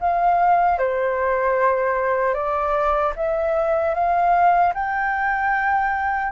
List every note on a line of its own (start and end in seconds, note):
0.00 0.78 F5
0.78 2.34 C5
2.34 3.13 D5
3.16 3.94 E5
3.94 4.73 F5
4.74 6.32 G5